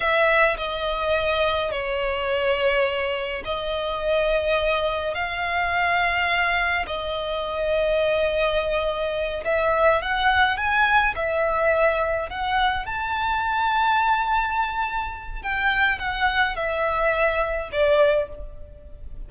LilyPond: \new Staff \with { instrumentName = "violin" } { \time 4/4 \tempo 4 = 105 e''4 dis''2 cis''4~ | cis''2 dis''2~ | dis''4 f''2. | dis''1~ |
dis''8 e''4 fis''4 gis''4 e''8~ | e''4. fis''4 a''4.~ | a''2. g''4 | fis''4 e''2 d''4 | }